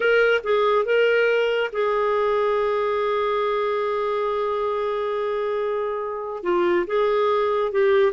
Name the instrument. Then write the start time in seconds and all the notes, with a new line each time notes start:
clarinet
0.00 A#4
0.43 G#4
0.85 A#4
1.72 G#4
6.43 F4
6.86 G#4
7.71 G4